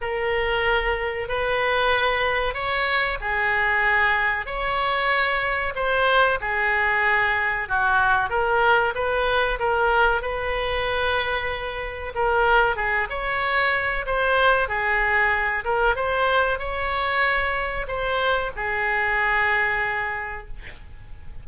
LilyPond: \new Staff \with { instrumentName = "oboe" } { \time 4/4 \tempo 4 = 94 ais'2 b'2 | cis''4 gis'2 cis''4~ | cis''4 c''4 gis'2 | fis'4 ais'4 b'4 ais'4 |
b'2. ais'4 | gis'8 cis''4. c''4 gis'4~ | gis'8 ais'8 c''4 cis''2 | c''4 gis'2. | }